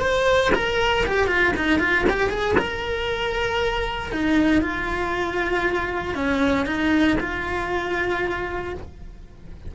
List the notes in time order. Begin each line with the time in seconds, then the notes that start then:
0.00 C5
0.55 A#4
1.07 G4
1.28 F4
1.57 D#4
1.80 F4
2.10 G4
2.30 G#4
2.59 A#4
4.13 D#4
4.62 F4
6.15 C#4
6.66 D#4
7.20 F4